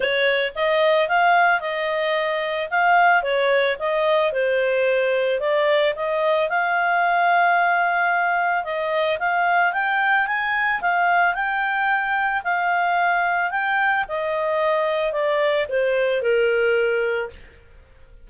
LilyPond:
\new Staff \with { instrumentName = "clarinet" } { \time 4/4 \tempo 4 = 111 cis''4 dis''4 f''4 dis''4~ | dis''4 f''4 cis''4 dis''4 | c''2 d''4 dis''4 | f''1 |
dis''4 f''4 g''4 gis''4 | f''4 g''2 f''4~ | f''4 g''4 dis''2 | d''4 c''4 ais'2 | }